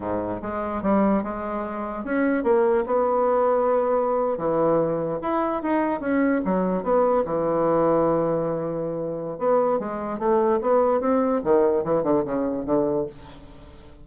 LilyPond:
\new Staff \with { instrumentName = "bassoon" } { \time 4/4 \tempo 4 = 147 gis,4 gis4 g4 gis4~ | gis4 cis'4 ais4 b4~ | b2~ b8. e4~ e16~ | e8. e'4 dis'4 cis'4 fis16~ |
fis8. b4 e2~ e16~ | e2. b4 | gis4 a4 b4 c'4 | dis4 e8 d8 cis4 d4 | }